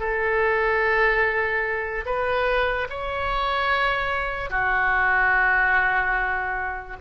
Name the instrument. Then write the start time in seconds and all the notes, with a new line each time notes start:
oboe
0.00 A4
2.06 B4
2.90 C#5
4.51 F#4